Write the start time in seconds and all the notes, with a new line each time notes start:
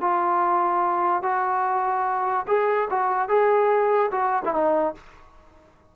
0.00 F4
1.22 F#4
2.47 G#4
2.90 F#4
3.28 G#4
4.11 F#4
4.44 E4
4.53 D#4